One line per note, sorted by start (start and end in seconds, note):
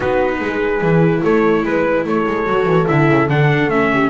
0.00 0.40 B3
0.00 0.82 D#4
0.00 0.40 F#4
0.00 1.23 B4
0.40 0.81 G#3
0.40 1.22 G#4
0.81 1.22 E3
0.81 2.46 E4
1.22 1.63 A3
1.22 1.63 A4
1.22 1.64 C#5
1.63 2.04 G#3
1.63 2.06 B4
1.63 2.05 B4
2.05 2.25 A3
2.05 3.90 A4
2.05 2.87 C#5
2.26 2.47 G#3
2.46 2.65 F#3
2.46 2.87 F#4
2.65 2.86 E3
2.87 3.09 D3
2.87 3.28 E4
2.87 3.28 E5
3.09 3.29 C#3
3.29 3.67 D3
3.29 3.70 D4
3.29 3.70 F#5
3.67 4.08 A3
3.67 4.09 C#4
3.67 4.09 E5
3.93 4.09 G4